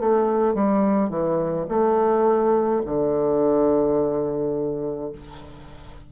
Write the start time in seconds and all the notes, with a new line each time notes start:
0.00 A3
0.55 G3
1.10 E3
1.69 A3
2.86 D3